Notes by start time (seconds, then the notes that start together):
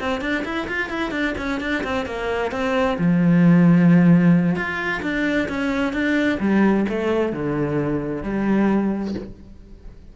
0.00 C4
0.21 D4
0.45 E4
0.68 F4
0.90 E4
1.11 D4
1.38 C#4
1.61 D4
1.84 C4
2.06 A#3
2.52 C4
2.98 F3
4.56 F4
5.03 D4
5.49 C#4
5.93 D4
6.40 G3
6.89 A3
7.33 D3
8.23 G3